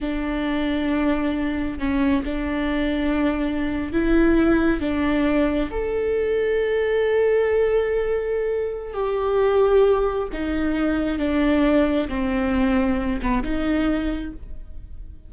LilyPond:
\new Staff \with { instrumentName = "viola" } { \time 4/4 \tempo 4 = 134 d'1 | cis'4 d'2.~ | d'8. e'2 d'4~ d'16~ | d'8. a'2.~ a'16~ |
a'1 | g'2. dis'4~ | dis'4 d'2 c'4~ | c'4. b8 dis'2 | }